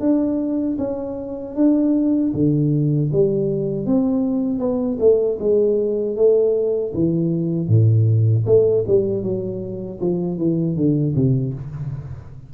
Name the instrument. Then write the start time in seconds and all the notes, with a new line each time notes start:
tuba
0.00 D4
0.78 C#4
1.55 D4
2.34 D3
3.12 G3
3.86 C4
4.59 B3
4.99 A3
5.39 G#3
6.16 A3
6.94 E3
7.68 A2
8.46 A3
8.87 G3
9.23 F#3
10.00 F3
10.37 E3
10.76 D3
11.15 C3